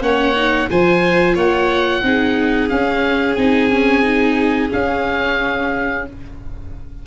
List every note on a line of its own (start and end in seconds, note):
0.00 0.67 A#3
0.00 0.33 C#4
0.00 0.69 C#5
0.00 0.69 F#5
0.35 0.69 D#4
0.69 1.36 F3
0.69 2.02 F4
0.69 1.34 C5
0.69 1.37 G#5
1.34 2.02 A#3
1.34 2.01 C#5
1.34 2.69 F#5
2.02 2.69 C4
2.02 2.69 D#4
2.02 6.06 G#4
2.69 3.36 C#4
2.69 3.35 F5
3.35 4.70 C4
3.35 3.70 D#4
3.35 4.68 G#5
3.70 4.02 C#4
4.02 4.68 D#4
4.68 6.02 C#4
4.68 6.06 C#4
4.68 6.05 F5